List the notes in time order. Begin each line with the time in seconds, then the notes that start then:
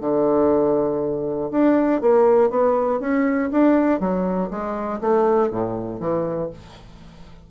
0.00 D3
1.51 D4
2.01 A#3
2.50 B3
3.00 C#4
3.51 D4
4.00 F#3
4.50 G#3
5.00 A3
5.50 A2
6.00 E3